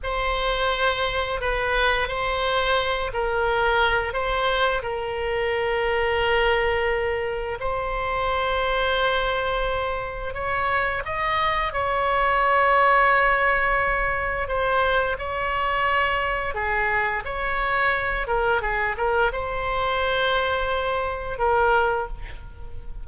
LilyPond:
\new Staff \with { instrumentName = "oboe" } { \time 4/4 \tempo 4 = 87 c''2 b'4 c''4~ | c''8 ais'4. c''4 ais'4~ | ais'2. c''4~ | c''2. cis''4 |
dis''4 cis''2.~ | cis''4 c''4 cis''2 | gis'4 cis''4. ais'8 gis'8 ais'8 | c''2. ais'4 | }